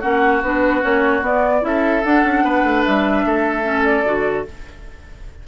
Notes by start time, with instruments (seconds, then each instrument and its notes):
0.00 bassoon A#3, clarinet C#4, oboe F#4, flute F#5
0.43 bassoon B3, clarinet D4, flute B4
0.82 bassoon A#3, clarinet C#4, flute C#5
1.22 bassoon B3, clarinet B3, flute D5
1.62 bassoon C#4, clarinet E4, oboe A4, flute E5
2.04 bassoon D4, clarinet D4, flute F#5
2.24 bassoon C#4
2.44 bassoon B3, oboe B4
2.64 bassoon A3
2.85 bassoon G3, flute E5
3.25 bassoon A3, oboe A4
3.64 clarinet C#4
3.84 flute D5
4.05 bassoon D3, clarinet F#4